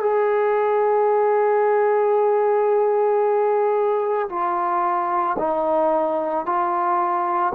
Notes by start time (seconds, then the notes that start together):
0.00 G#4
4.29 F4
5.39 D#4
6.46 F4